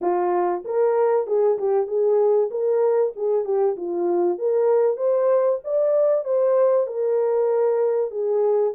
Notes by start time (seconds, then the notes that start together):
0.01 F4
0.64 A#4
1.26 G#4
1.58 G4
1.87 G#4
2.50 A#4
3.16 G#4
3.44 G4
3.76 F4
4.38 A#4
4.96 C5
5.63 D5
6.24 C5
6.87 A#4
8.11 G#4